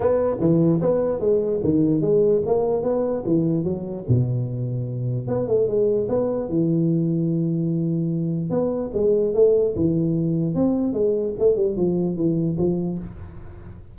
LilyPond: \new Staff \with { instrumentName = "tuba" } { \time 4/4 \tempo 4 = 148 b4 e4 b4 gis4 | dis4 gis4 ais4 b4 | e4 fis4 b,2~ | b,4 b8 a8 gis4 b4 |
e1~ | e4 b4 gis4 a4 | e2 c'4 gis4 | a8 g8 f4 e4 f4 | }